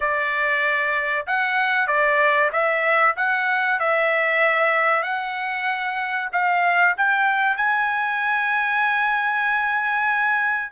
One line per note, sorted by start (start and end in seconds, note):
0.00 1.26 D5
1.26 1.87 F#5
1.87 2.50 D5
2.52 3.15 E5
3.16 3.79 F#5
3.79 5.02 E5
5.02 6.29 F#5
6.32 6.95 F5
6.97 7.56 G5
7.56 10.72 G#5